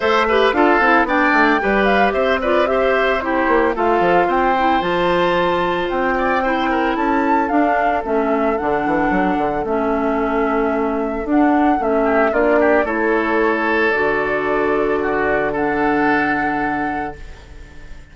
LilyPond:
<<
  \new Staff \with { instrumentName = "flute" } { \time 4/4 \tempo 4 = 112 e''4 f''4 g''4. f''8 | e''8 d''8 e''4 c''4 f''4 | g''4 a''2 g''4~ | g''4 a''4 f''4 e''4 |
fis''2 e''2~ | e''4 fis''4 e''4 d''4 | cis''2 d''2~ | d''4 fis''2. | }
  \new Staff \with { instrumentName = "oboe" } { \time 4/4 c''8 b'8 a'4 d''4 b'4 | c''8 b'8 c''4 g'4 a'4 | c''2.~ c''8 d''8 | c''8 ais'8 a'2.~ |
a'1~ | a'2~ a'8 g'8 f'8 g'8 | a'1 | fis'4 a'2. | }
  \new Staff \with { instrumentName = "clarinet" } { \time 4/4 a'8 g'8 f'8 e'8 d'4 g'4~ | g'8 f'8 g'4 e'4 f'4~ | f'8 e'8 f'2. | e'2 d'4 cis'4 |
d'2 cis'2~ | cis'4 d'4 cis'4 d'4 | e'2 fis'2~ | fis'4 d'2. | }
  \new Staff \with { instrumentName = "bassoon" } { \time 4/4 a4 d'8 c'8 b8 a8 g4 | c'2~ c'8 ais8 a8 f8 | c'4 f2 c'4~ | c'4 cis'4 d'4 a4 |
d8 e8 fis8 d8 a2~ | a4 d'4 a4 ais4 | a2 d2~ | d1 | }
>>